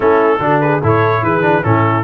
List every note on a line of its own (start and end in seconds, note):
0.00 0.38 A3
0.00 0.39 C#4
0.00 0.41 E4
0.00 0.60 A4
0.39 0.80 D3
0.39 0.81 D4
0.39 0.62 F#4
0.60 0.81 G#4
0.60 0.81 B4
0.81 1.22 A2
0.81 1.41 E4
0.81 1.22 A4
0.81 1.24 C#5
1.22 1.63 E3
1.22 1.65 G#4
1.22 1.63 B4
1.41 1.62 D4
1.62 2.04 A2
1.62 2.03 C#4
1.62 2.04 E4
1.62 2.04 A4